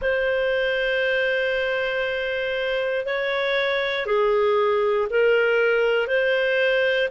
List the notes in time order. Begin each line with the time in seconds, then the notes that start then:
0.01 C5
3.05 C#5
4.06 G#4
5.10 A#4
6.07 C5